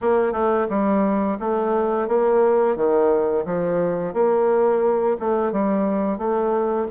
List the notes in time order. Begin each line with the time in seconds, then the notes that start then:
0.01 A#3
0.32 A3
0.69 G3
1.39 A3
2.08 A#3
2.76 D#3
3.45 F3
4.13 A#3
5.19 A3
5.52 G3
6.18 A3